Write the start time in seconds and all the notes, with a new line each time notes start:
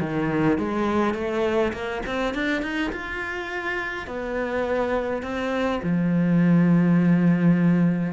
0.00 D#3
0.58 G#3
1.14 A3
1.73 A#3
2.06 C4
2.34 D4
2.62 D#4
2.92 F4
4.07 B3
5.23 C4
5.83 F3